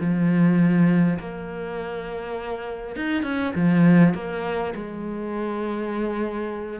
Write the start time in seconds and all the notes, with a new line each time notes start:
0.00 F3
1.19 A#3
2.96 D#4
3.23 C#4
3.55 F3
4.14 A#3
4.75 G#3